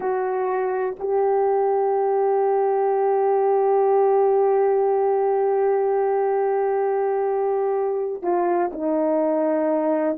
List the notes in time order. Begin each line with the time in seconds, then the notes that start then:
0.00 F#4
0.99 G4
8.22 F4
8.72 D#4